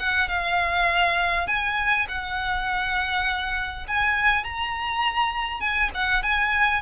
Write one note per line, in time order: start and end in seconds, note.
0.00 0.29 F#5
0.29 1.47 F5
1.47 2.07 G#5
2.08 3.87 F#5
3.88 4.44 G#5
4.44 5.61 A#5
5.61 5.90 G#5
5.95 6.23 F#5
6.23 6.82 G#5